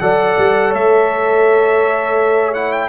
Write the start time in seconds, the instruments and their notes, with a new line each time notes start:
0.00 tuba F#3, trombone A4, horn D5, trumpet F#5
0.38 tuba G3
0.70 tuba A3, horn C#5, trumpet E5
2.54 trombone E4, trumpet F#5
2.72 trumpet G5